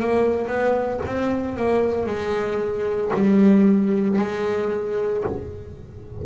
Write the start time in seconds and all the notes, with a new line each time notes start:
0.00 A#3
0.47 B3
1.06 C4
1.56 A#3
2.06 G#3
3.14 G3
4.19 G#3